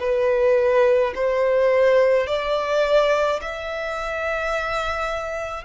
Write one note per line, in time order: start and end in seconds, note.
0.00 1.13 B4
1.15 2.27 C5
2.27 3.40 D5
3.42 5.64 E5